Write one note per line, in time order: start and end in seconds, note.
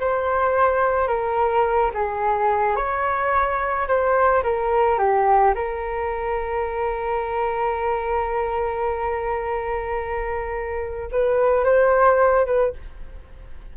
0.00 1.08 C5
1.08 1.91 A#4
1.94 2.76 G#4
2.76 3.87 C#5
3.87 4.43 C5
4.43 4.98 A#4
4.98 5.54 G4
5.55 11.10 A#4
11.12 11.65 B4
11.65 12.46 C5
12.46 12.73 B4